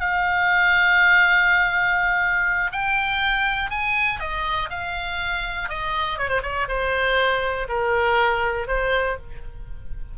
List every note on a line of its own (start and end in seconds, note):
0.00 2.72 F5
2.72 3.71 G5
3.71 4.20 G#5
4.20 4.69 D#5
4.70 5.69 F5
5.69 6.18 D#5
6.18 6.29 C#5
6.29 6.42 C5
6.43 6.67 C#5
6.69 7.68 C5
7.69 8.68 A#4
8.68 9.17 C5